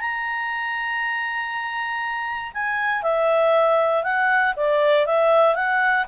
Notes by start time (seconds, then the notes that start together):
0.00 A#5
2.54 G#5
3.03 E5
4.04 F#5
4.56 D5
5.06 E5
5.55 F#5